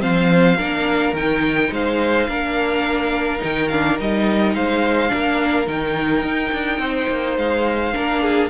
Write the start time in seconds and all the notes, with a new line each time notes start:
0.00 F3 C4 C5 F5
0.58 A#3 D4 A#4
1.13 D#3 D#4 G5
1.72 G#3 C5 F5
2.29 A#3 D4 A#4
3.39 D#3 D#4 G5
3.69 D4 F5
3.99 G3 D#4 D#5
4.55 G#3 C5 F5
5.09 A#3 D4 A#4
5.66 D#3 D#4 G5
6.23 D#4
6.53 D4
6.79 C4 C5
7.09 A#3
7.38 G#3 F5
7.94 A#3 D4 A#4
8.23 G#4